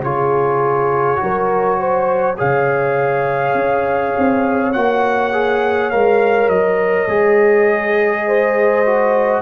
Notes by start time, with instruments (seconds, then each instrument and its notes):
0.00 tuba C#3, trombone F4, horn G#4, trumpet C#5
1.16 trombone F#4
1.23 tuba F#3, horn A#4
1.80 horn C5
2.37 tuba C#3, trombone G#4, horn C#5, trumpet F5
3.54 tuba C#4
4.17 tuba C4
4.73 tuba A#3, trombone F#4, trumpet F#5
5.33 trombone G#4
5.90 tuba G#3, trombone A#4, trumpet F5
6.48 tuba F#3, trumpet D#5
7.08 tuba G#3, trombone G#4
8.27 horn C5
8.86 trombone F#4